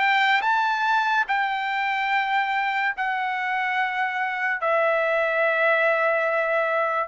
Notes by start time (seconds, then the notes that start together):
0.00 G5
0.42 A5
1.28 G5
2.97 F#5
4.61 E5